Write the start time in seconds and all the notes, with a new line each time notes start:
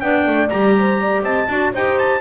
0.00 B3 D4 D5 G5
0.26 A3
0.50 G3 G4 A#5
0.78 C5
1.01 D5
1.23 C4 D#5 A5
1.48 D4 F#4 D5
1.73 D#4 G4 C5 G5
1.98 A5